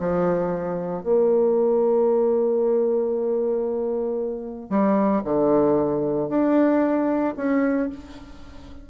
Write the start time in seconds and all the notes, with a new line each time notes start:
0.00 F3
1.03 A#3
4.70 G3
5.24 D3
6.29 D4
7.37 C#4